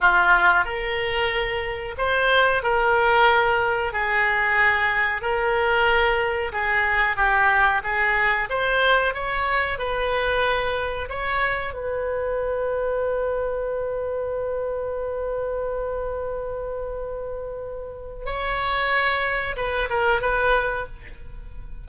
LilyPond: \new Staff \with { instrumentName = "oboe" } { \time 4/4 \tempo 4 = 92 f'4 ais'2 c''4 | ais'2 gis'2 | ais'2 gis'4 g'4 | gis'4 c''4 cis''4 b'4~ |
b'4 cis''4 b'2~ | b'1~ | b'1 | cis''2 b'8 ais'8 b'4 | }